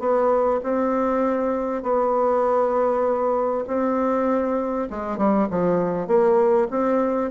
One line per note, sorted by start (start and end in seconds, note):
0.00 0.61 B3
0.63 1.83 C4
1.83 3.65 B3
3.67 4.88 C4
4.90 5.18 G#3
5.18 5.48 G3
5.50 6.07 F3
6.07 6.68 A#3
6.71 7.31 C4